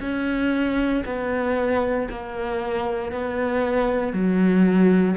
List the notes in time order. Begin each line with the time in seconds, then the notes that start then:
0.00 C#4
1.05 B3
2.10 A#3
3.11 B3
4.12 F#3